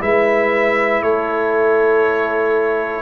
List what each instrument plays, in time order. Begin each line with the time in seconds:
0.00 tuba G#3, trombone E4, horn B4, trumpet E5
1.02 tuba A3, horn A4, trumpet C#5